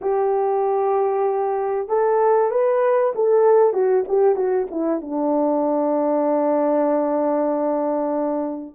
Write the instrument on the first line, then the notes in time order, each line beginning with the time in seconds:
horn
0.01 G4
1.88 A4
2.50 B4
3.15 A4
3.73 F#4
4.07 G4
4.35 F#4
4.70 E4
5.01 D4